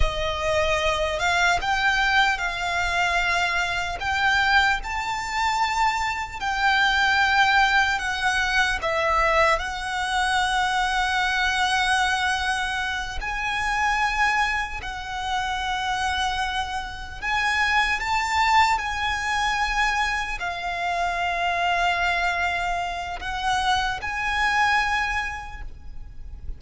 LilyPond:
\new Staff \with { instrumentName = "violin" } { \time 4/4 \tempo 4 = 75 dis''4. f''8 g''4 f''4~ | f''4 g''4 a''2 | g''2 fis''4 e''4 | fis''1~ |
fis''8 gis''2 fis''4.~ | fis''4. gis''4 a''4 gis''8~ | gis''4. f''2~ f''8~ | f''4 fis''4 gis''2 | }